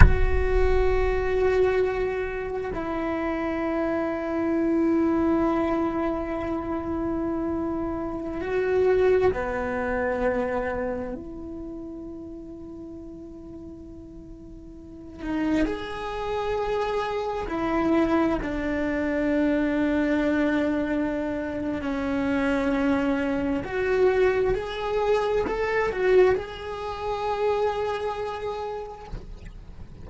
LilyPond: \new Staff \with { instrumentName = "cello" } { \time 4/4 \tempo 4 = 66 fis'2. e'4~ | e'1~ | e'4~ e'16 fis'4 b4.~ b16~ | b16 e'2.~ e'8.~ |
e'8. dis'8 gis'2 e'8.~ | e'16 d'2.~ d'8. | cis'2 fis'4 gis'4 | a'8 fis'8 gis'2. | }